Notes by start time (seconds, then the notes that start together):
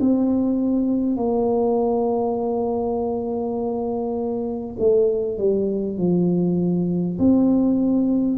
0.00 C4
1.16 A#3
4.79 A3
5.38 G3
5.98 F3
7.19 C4